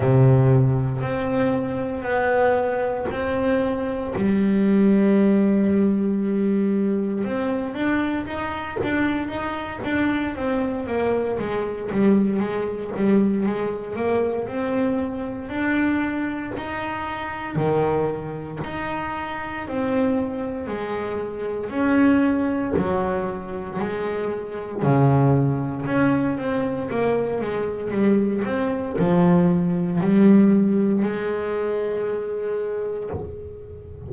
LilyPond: \new Staff \with { instrumentName = "double bass" } { \time 4/4 \tempo 4 = 58 c4 c'4 b4 c'4 | g2. c'8 d'8 | dis'8 d'8 dis'8 d'8 c'8 ais8 gis8 g8 | gis8 g8 gis8 ais8 c'4 d'4 |
dis'4 dis4 dis'4 c'4 | gis4 cis'4 fis4 gis4 | cis4 cis'8 c'8 ais8 gis8 g8 c'8 | f4 g4 gis2 | }